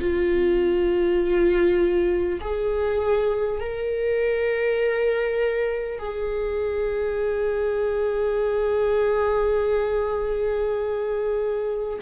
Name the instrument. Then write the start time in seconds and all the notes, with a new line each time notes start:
viola
0.00 F4
2.40 G#4
3.59 A#4
5.98 G#4